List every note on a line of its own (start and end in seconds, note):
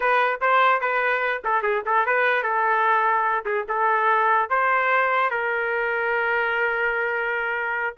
0.00 0.40 B4
0.40 0.80 C5
0.80 1.42 B4
1.44 1.62 A4
1.62 1.83 G#4
1.85 2.05 A4
2.05 2.42 B4
2.42 3.44 A4
3.45 3.65 G#4
3.68 4.49 A4
4.49 5.30 C5
5.30 7.95 A#4